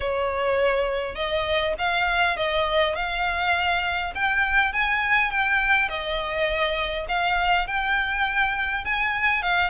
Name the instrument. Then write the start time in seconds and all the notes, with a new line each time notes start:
violin
0.00 C#5
1.15 D#5
1.78 F5
2.36 D#5
2.95 F5
4.14 G5
4.72 G#5
5.30 G5
5.88 D#5
7.08 F5
7.67 G5
8.84 G#5
9.42 F5